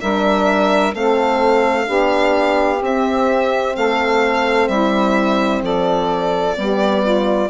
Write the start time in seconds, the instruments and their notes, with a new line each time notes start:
0.00 bassoon G3, horn D4, saxophone A#4, violin E5
0.94 bassoon A3, horn C4, saxophone A4, violin F5
1.85 bassoon B3, horn D4, saxophone G4
2.81 bassoon C4, horn C4, violin E5
3.75 bassoon A3, saxophone A4, violin F5
4.68 bassoon G3, saxophone E4, violin E5
5.62 bassoon F3, saxophone A4, violin D5
6.55 bassoon G3, horn B3, saxophone G4
7.02 saxophone F4